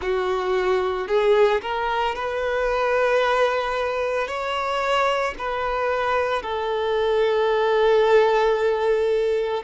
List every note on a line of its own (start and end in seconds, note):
0.01 1.07 F#4
1.07 1.61 G#4
1.61 2.15 A#4
2.15 4.27 B4
4.27 5.34 C#5
5.38 6.42 B4
6.42 9.63 A4